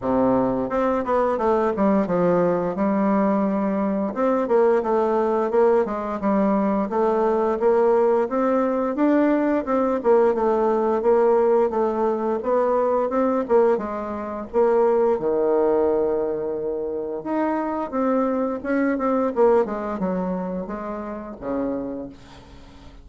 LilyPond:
\new Staff \with { instrumentName = "bassoon" } { \time 4/4 \tempo 4 = 87 c4 c'8 b8 a8 g8 f4 | g2 c'8 ais8 a4 | ais8 gis8 g4 a4 ais4 | c'4 d'4 c'8 ais8 a4 |
ais4 a4 b4 c'8 ais8 | gis4 ais4 dis2~ | dis4 dis'4 c'4 cis'8 c'8 | ais8 gis8 fis4 gis4 cis4 | }